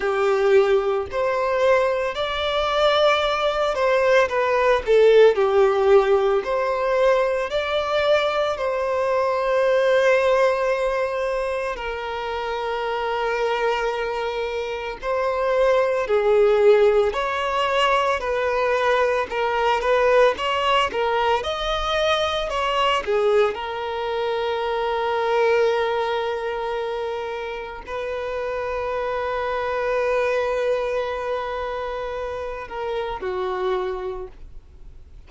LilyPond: \new Staff \with { instrumentName = "violin" } { \time 4/4 \tempo 4 = 56 g'4 c''4 d''4. c''8 | b'8 a'8 g'4 c''4 d''4 | c''2. ais'4~ | ais'2 c''4 gis'4 |
cis''4 b'4 ais'8 b'8 cis''8 ais'8 | dis''4 cis''8 gis'8 ais'2~ | ais'2 b'2~ | b'2~ b'8 ais'8 fis'4 | }